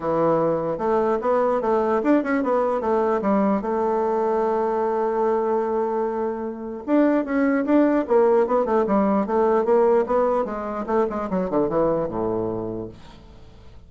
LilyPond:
\new Staff \with { instrumentName = "bassoon" } { \time 4/4 \tempo 4 = 149 e2 a4 b4 | a4 d'8 cis'8 b4 a4 | g4 a2.~ | a1~ |
a4 d'4 cis'4 d'4 | ais4 b8 a8 g4 a4 | ais4 b4 gis4 a8 gis8 | fis8 d8 e4 a,2 | }